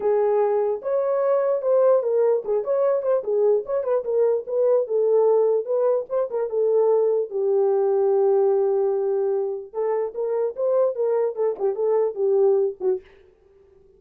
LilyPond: \new Staff \with { instrumentName = "horn" } { \time 4/4 \tempo 4 = 148 gis'2 cis''2 | c''4 ais'4 gis'8 cis''4 c''8 | gis'4 cis''8 b'8 ais'4 b'4 | a'2 b'4 c''8 ais'8 |
a'2 g'2~ | g'1 | a'4 ais'4 c''4 ais'4 | a'8 g'8 a'4 g'4. fis'8 | }